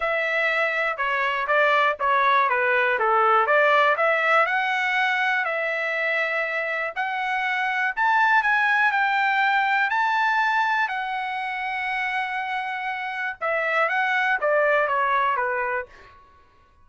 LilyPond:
\new Staff \with { instrumentName = "trumpet" } { \time 4/4 \tempo 4 = 121 e''2 cis''4 d''4 | cis''4 b'4 a'4 d''4 | e''4 fis''2 e''4~ | e''2 fis''2 |
a''4 gis''4 g''2 | a''2 fis''2~ | fis''2. e''4 | fis''4 d''4 cis''4 b'4 | }